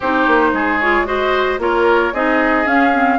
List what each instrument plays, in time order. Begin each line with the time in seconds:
0.00 bassoon C4, clarinet D#4, oboe G4, flute C5
0.27 bassoon A#3
0.52 bassoon G#3, oboe G#4
0.80 clarinet F4, flute C#5
1.05 clarinet F#4, oboe C5, flute D#5
1.58 bassoon A#3, clarinet F4, oboe A#4, flute C#5
2.13 bassoon C4, clarinet D#4, oboe G#4, flute D#5
2.66 clarinet C#4, bassoon C#4, flute F5
2.93 clarinet C4